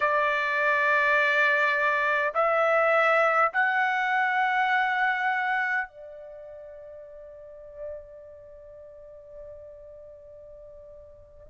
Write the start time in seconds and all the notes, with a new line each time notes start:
0.00 D5
2.34 E5
3.53 F#5
5.88 D5